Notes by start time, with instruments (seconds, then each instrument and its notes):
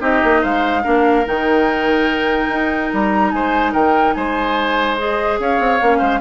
0.00 bassoon C4, clarinet D#4, oboe G4, flute D#5
0.24 bassoon A#3
0.42 bassoon G#3, oboe C5, flute F5
0.83 bassoon A#3, clarinet D4, oboe A#4
1.26 bassoon D#3, clarinet D#4, flute G5
2.49 bassoon D#4
2.94 bassoon G3, flute A#5
3.31 bassoon G#3, oboe C5, flute G#5
3.73 bassoon D#3, oboe A#4, flute G5
4.14 bassoon G#3, oboe C5, flute G#5
4.98 clarinet G#4, flute D#5
5.40 bassoon C#4, oboe C#5, flute F5
5.60 bassoon C4
5.82 bassoon A#3, clarinet C#4
5.99 bassoon G#3, oboe C5